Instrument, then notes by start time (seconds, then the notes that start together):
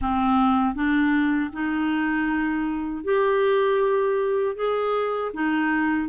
clarinet
0.01 C4
0.75 D4
1.53 D#4
3.04 G4
4.55 G#4
5.33 D#4